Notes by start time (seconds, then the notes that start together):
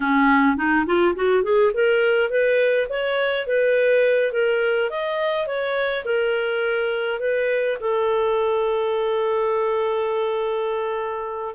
0.00 C#4
0.56 D#4
0.85 F4
1.15 F#4
1.43 G#4
1.73 A#4
2.29 B4
2.89 C#5
3.46 B4
4.32 A#4
4.90 D#5
5.47 C#5
6.04 A#4
7.19 B4
7.80 A4